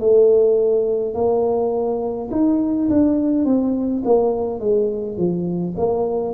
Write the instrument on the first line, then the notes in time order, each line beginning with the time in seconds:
tuba
0.00 A3
1.15 A#3
2.32 D#4
2.90 D4
3.46 C4
4.05 A#3
4.60 G#3
5.18 F3
5.77 A#3